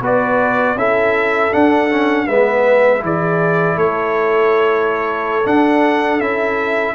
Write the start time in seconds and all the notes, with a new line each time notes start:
0.00 B3 F#4 B4 D5
0.75 C#4 E4 A4 E5
1.52 D4 F#5
1.90 C#4
2.27 G#3 B3 B4 E5
3.00 E3 E4 G#4
3.06 D5
3.76 A3 A4 C#5
5.46 D4 F#5
6.20 C#4 E4 E5